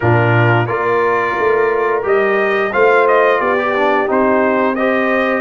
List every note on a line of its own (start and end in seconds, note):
0.00 0.68 A#2
0.00 0.67 D4
0.00 0.66 F4
0.00 0.66 A#4
0.66 1.36 A#3
0.66 2.02 F4
0.66 2.71 A#4
0.66 2.02 D5
1.38 2.05 A3
2.02 2.73 G3
2.02 2.70 G4
2.02 2.72 D#5
2.72 3.40 A3
2.72 3.58 F4
2.72 3.39 C5
2.72 3.06 F5
3.07 3.40 D#5
3.39 4.08 B3
3.39 4.76 G4
3.39 4.08 D5
3.58 3.75 G4
3.75 4.06 D4
4.06 5.41 C4
4.06 4.75 D#4
4.06 4.75 C5
4.75 5.41 G4
4.75 5.41 C5
4.75 5.41 D#5